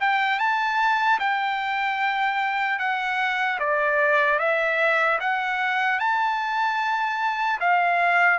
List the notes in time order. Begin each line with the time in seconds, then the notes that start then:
0.00 G5
0.39 A5
1.19 G5
2.79 F#5
3.59 D5
4.39 E5
5.20 F#5
5.99 A5
7.60 F5